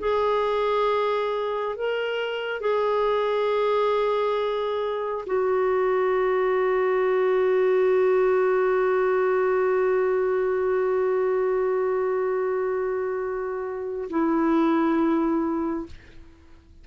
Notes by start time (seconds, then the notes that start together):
0.00 G#4
1.76 A#4
2.61 G#4
5.27 F#4
14.11 E4